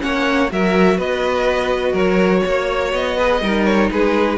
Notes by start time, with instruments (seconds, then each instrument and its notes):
0.00 cello A#3, viola C#4, violin C#5 F#5
0.50 cello F#3, viola F#4, violin A#4 E5
0.97 cello B3, violin B4 D#5
1.93 cello F#3, violin A#4 C#5
2.45 cello A#3, violin C#5
2.93 cello B3, violin D#5
3.17 viola G#4, violin B4
3.41 cello G3, viola D#4, violin A#4
3.65 violin C#5
3.91 cello G#3, violin G#4 B4